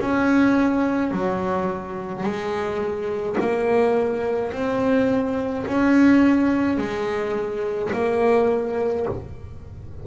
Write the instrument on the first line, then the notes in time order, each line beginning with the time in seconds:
double bass
0.00 C#4
1.11 F#3
2.23 G#3
3.40 A#3
4.52 C4
5.66 C#4
6.77 G#3
7.92 A#3